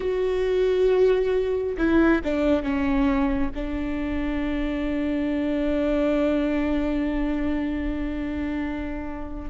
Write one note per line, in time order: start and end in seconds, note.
0.00 1.76 F#4
1.77 2.21 E4
2.23 2.62 D4
2.62 3.51 C#4
3.55 9.49 D4